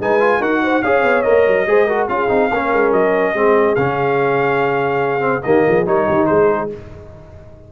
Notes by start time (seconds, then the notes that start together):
0.00 G#3 D#4 B4 G#5
0.20 F4
0.40 D#4 F#4 A#4 F#5
0.64 C5
0.83 C#4 G#4 C#5 F5
1.04 B3
1.23 A#3 A#4 D#5
1.48 F#3
1.67 G#3 G#4 C5
1.87 F#4 A#4
2.09 C#4 F4 G#4 F5
2.29 C4 D#4
2.51 A#3 C#4 A#4
2.74 G#3
2.93 F#3 D#5
3.34 G#3 C4 G#4
3.76 C#3 C#4 F5
5.20 C4
5.43 D#3 A#3 G4 D#5
5.67 F3 G#4
5.86 G3 D#4 A#4 C#5
6.07 D#3 G4
6.26 G#3 G#4 C5